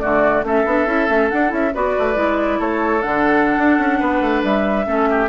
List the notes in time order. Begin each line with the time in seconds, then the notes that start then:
0.00 D3 A3 F#4 D5
0.43 A3 C#4 A4 E5
0.65 B3 D4
0.86 C#4 E4
1.08 A3 C#4
1.30 D4 F#5
1.48 C#4 E4 E5
1.74 B3 F#4 B4 D5
1.98 A3
2.15 G#3 E4
2.59 A3 A4 C#5
3.02 D3 D4 F#5
3.58 D4
3.79 C#4
3.99 B3 B4
4.21 A3
4.43 G3 E5
4.85 A3 C#4 A4
5.10 G4